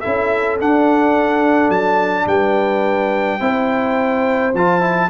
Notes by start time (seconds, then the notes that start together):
0.00 C#4 E4 A4 E5
0.60 D4 F#5
1.69 F#3 A5
2.26 G3 B4 G5
3.39 C4 E4 C5
4.54 F3 F4 A5
4.81 E4